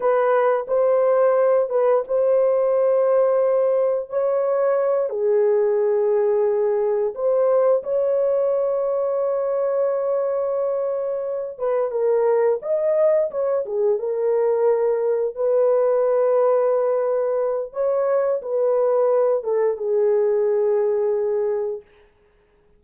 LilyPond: \new Staff \with { instrumentName = "horn" } { \time 4/4 \tempo 4 = 88 b'4 c''4. b'8 c''4~ | c''2 cis''4. gis'8~ | gis'2~ gis'8 c''4 cis''8~ | cis''1~ |
cis''4 b'8 ais'4 dis''4 cis''8 | gis'8 ais'2 b'4.~ | b'2 cis''4 b'4~ | b'8 a'8 gis'2. | }